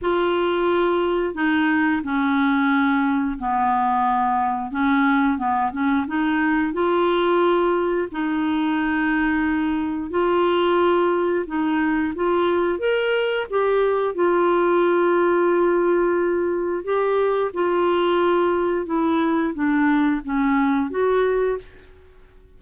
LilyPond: \new Staff \with { instrumentName = "clarinet" } { \time 4/4 \tempo 4 = 89 f'2 dis'4 cis'4~ | cis'4 b2 cis'4 | b8 cis'8 dis'4 f'2 | dis'2. f'4~ |
f'4 dis'4 f'4 ais'4 | g'4 f'2.~ | f'4 g'4 f'2 | e'4 d'4 cis'4 fis'4 | }